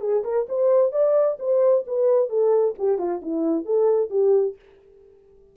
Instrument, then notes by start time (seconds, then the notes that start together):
horn
0.00 G#4
0.24 A#4
0.49 C5
0.92 D5
1.39 C5
1.86 B4
2.29 A4
2.78 G4
2.98 F4
3.22 E4
3.65 A4
4.10 G4